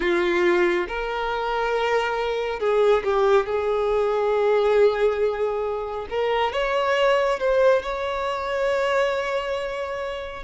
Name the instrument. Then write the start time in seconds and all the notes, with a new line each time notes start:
violin
0.00 F4
0.88 A#4
2.59 G#4
3.04 G4
3.46 G#4
6.09 A#4
6.52 C#5
7.39 C5
7.82 C#5